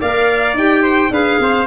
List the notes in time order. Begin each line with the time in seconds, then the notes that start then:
0.00 A#3 A#4 D5 F5
0.53 D#4 G4 G5
0.83 C5
1.10 D4 G#4 B4 F5
1.39 C4 C5